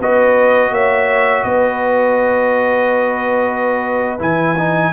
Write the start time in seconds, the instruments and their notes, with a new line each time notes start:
0.00 tuba B3, trombone F#4, horn B4, trumpet D#5
0.71 tuba A#3, horn C#5, trumpet E5
1.44 tuba B3, horn B4, trumpet D#5
4.19 tuba E3, trombone E4, trumpet G#5
4.59 trombone D#4